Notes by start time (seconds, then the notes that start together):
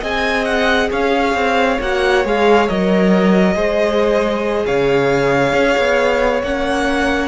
0.00 C4 G#4 D#5 G#5
0.45 F#5
0.90 C#4 C#5 F5
1.34 C4
1.81 A#3 F#4 F#5
2.24 G#3 G#4 F5
2.68 F#3 A#4 D#5
3.55 G#3 G#4 C5
4.65 C#3 C#5 F5
5.53 C#4
5.77 B3
6.42 A#3 C#4 F#5